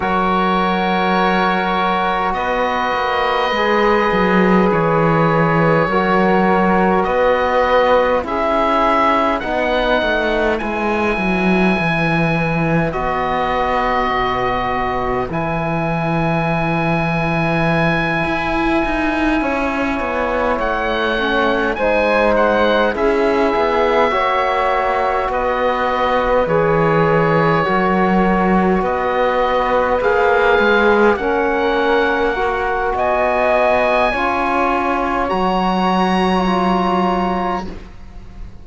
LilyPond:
<<
  \new Staff \with { instrumentName = "oboe" } { \time 4/4 \tempo 4 = 51 cis''2 dis''2 | cis''2 dis''4 e''4 | fis''4 gis''2 dis''4~ | dis''4 gis''2.~ |
gis''4. fis''4 gis''8 fis''8 e''8~ | e''4. dis''4 cis''4.~ | cis''8 dis''4 f''4 fis''4. | gis''2 ais''2 | }
  \new Staff \with { instrumentName = "flute" } { \time 4/4 ais'2 b'2~ | b'4 ais'4 b'4 gis'4 | b'1~ | b'1~ |
b'8 cis''2 c''4 gis'8~ | gis'8 cis''4 b'2 ais'8~ | ais'8 b'2 ais'4. | dis''4 cis''2. | }
  \new Staff \with { instrumentName = "trombone" } { \time 4/4 fis'2. gis'4~ | gis'4 fis'2 e'4 | dis'4 e'2 fis'4~ | fis'4 e'2.~ |
e'2 cis'8 dis'4 e'8~ | e'8 fis'2 gis'4 fis'8~ | fis'4. gis'4 cis'4 fis'8~ | fis'4 f'4 fis'4 f'4 | }
  \new Staff \with { instrumentName = "cello" } { \time 4/4 fis2 b8 ais8 gis8 fis8 | e4 fis4 b4 cis'4 | b8 a8 gis8 fis8 e4 b4 | b,4 e2~ e8 e'8 |
dis'8 cis'8 b8 a4 gis4 cis'8 | b8 ais4 b4 e4 fis8~ | fis8 b4 ais8 gis8 ais4. | b4 cis'4 fis2 | }
>>